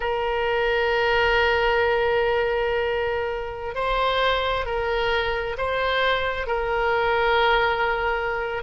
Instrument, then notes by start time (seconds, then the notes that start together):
oboe
0.00 A#4
3.74 C5
4.65 A#4
5.57 C5
6.47 A#4